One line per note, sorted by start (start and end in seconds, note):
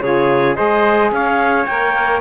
0.00 0.57 C#3
0.00 0.55 F4
0.00 0.56 G#4
0.00 0.55 C#5
0.55 1.11 G#3
0.55 1.65 G#4
0.55 1.11 C5
0.55 1.10 D#5
1.11 1.66 C#4
1.11 2.21 C#5
1.11 1.65 F5
1.65 2.21 A#3
1.65 2.21 A#4
1.65 2.20 G5